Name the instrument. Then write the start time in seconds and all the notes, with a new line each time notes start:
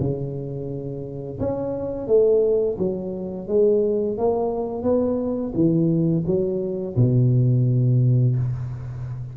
tuba
0.00 C#3
1.40 C#4
2.08 A3
2.79 F#3
3.48 G#3
4.18 A#3
4.84 B3
5.55 E3
6.27 F#3
6.97 B2